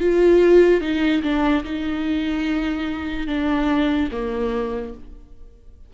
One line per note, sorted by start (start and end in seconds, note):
0.00 0.81 F4
0.81 1.22 D#4
1.23 1.64 D4
1.64 3.27 D#4
3.27 4.09 D4
4.11 4.94 A#3